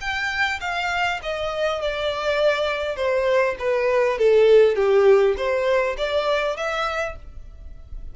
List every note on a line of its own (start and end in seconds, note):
0.00 0.59 G5
0.60 1.20 F5
1.22 1.81 D#5
1.81 2.96 D5
2.96 3.55 C5
3.59 4.18 B4
4.18 4.75 A4
4.75 5.35 G4
5.37 5.96 C5
5.97 6.56 D5
6.56 7.16 E5